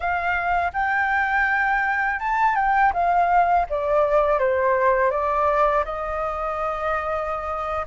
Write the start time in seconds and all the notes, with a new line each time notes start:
0.00 F5
0.73 G5
2.20 A5
2.55 G5
2.93 F5
3.69 D5
4.39 C5
5.11 D5
5.84 D#5